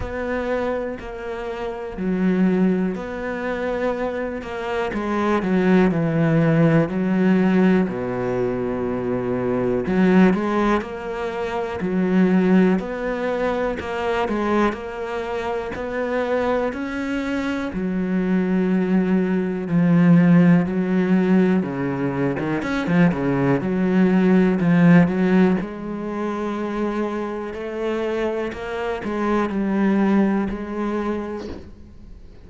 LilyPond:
\new Staff \with { instrumentName = "cello" } { \time 4/4 \tempo 4 = 61 b4 ais4 fis4 b4~ | b8 ais8 gis8 fis8 e4 fis4 | b,2 fis8 gis8 ais4 | fis4 b4 ais8 gis8 ais4 |
b4 cis'4 fis2 | f4 fis4 cis8. dis16 cis'16 f16 cis8 | fis4 f8 fis8 gis2 | a4 ais8 gis8 g4 gis4 | }